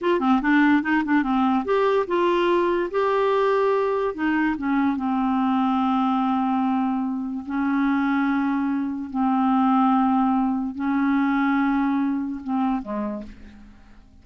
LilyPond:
\new Staff \with { instrumentName = "clarinet" } { \time 4/4 \tempo 4 = 145 f'8 c'8 d'4 dis'8 d'8 c'4 | g'4 f'2 g'4~ | g'2 dis'4 cis'4 | c'1~ |
c'2 cis'2~ | cis'2 c'2~ | c'2 cis'2~ | cis'2 c'4 gis4 | }